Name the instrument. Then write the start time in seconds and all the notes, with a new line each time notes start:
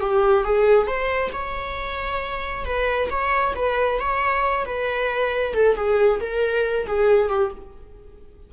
viola
0.00 G4
0.44 G#4
0.87 C5
1.32 C#5
2.65 B4
3.10 C#5
3.55 B4
3.99 C#5
4.65 B4
5.54 A4
5.76 G#4
6.20 A#4
6.86 G#4
7.29 G4